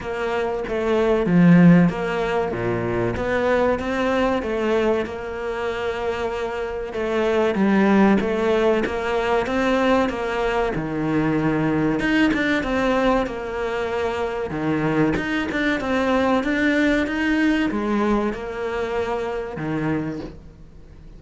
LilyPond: \new Staff \with { instrumentName = "cello" } { \time 4/4 \tempo 4 = 95 ais4 a4 f4 ais4 | ais,4 b4 c'4 a4 | ais2. a4 | g4 a4 ais4 c'4 |
ais4 dis2 dis'8 d'8 | c'4 ais2 dis4 | dis'8 d'8 c'4 d'4 dis'4 | gis4 ais2 dis4 | }